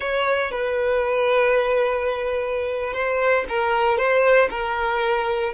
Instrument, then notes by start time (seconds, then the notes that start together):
violin
0.00 C#5
0.51 B4
2.93 C5
3.48 A#4
3.97 C5
4.50 A#4